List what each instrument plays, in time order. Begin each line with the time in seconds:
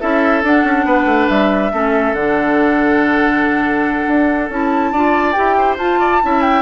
0.00 bassoon C#4, clarinet E4, oboe A4, flute E5
0.43 bassoon D4, clarinet D4, flute F#5
0.63 bassoon C#4
0.85 bassoon B3, oboe B4
1.05 bassoon A3
1.29 bassoon G3, flute E5
1.72 bassoon A3, clarinet C#4, oboe A4
2.12 bassoon D3, clarinet D4, flute F#5
4.07 bassoon D4
4.49 bassoon C#4, clarinet E4, flute A5
4.92 bassoon D4, clarinet F4, oboe D5
5.32 bassoon E4, clarinet G4, flute G5
5.57 oboe C5
5.77 bassoon F4, clarinet F4, flute A5
5.99 oboe D5
6.21 bassoon C#4, clarinet E4, oboe E5
6.41 flute G5